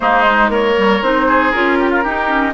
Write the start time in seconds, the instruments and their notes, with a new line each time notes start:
0.00 bassoon G#3, clarinet A#3, oboe D#4, flute C5
0.25 clarinet G#3
0.48 bassoon A#3, oboe A#4, flute C#5
0.76 clarinet G3
1.02 bassoon C4, clarinet D#4, flute C5
1.27 oboe G#4
1.51 bassoon C#4, clarinet F4, flute A#4
1.79 oboe G4
1.90 oboe F4
2.03 clarinet D#4, bassoon D#4, oboe G4
2.27 clarinet C#4